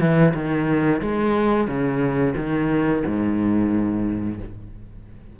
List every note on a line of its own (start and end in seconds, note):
0.00 0.33 E3
0.34 1.01 D#3
1.01 1.67 G#3
1.67 2.34 C#3
2.36 3.03 D#3
3.06 4.39 G#2